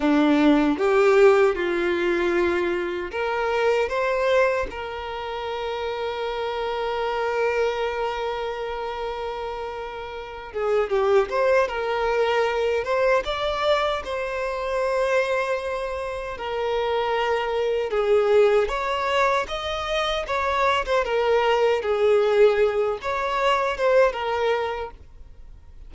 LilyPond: \new Staff \with { instrumentName = "violin" } { \time 4/4 \tempo 4 = 77 d'4 g'4 f'2 | ais'4 c''4 ais'2~ | ais'1~ | ais'4. gis'8 g'8 c''8 ais'4~ |
ais'8 c''8 d''4 c''2~ | c''4 ais'2 gis'4 | cis''4 dis''4 cis''8. c''16 ais'4 | gis'4. cis''4 c''8 ais'4 | }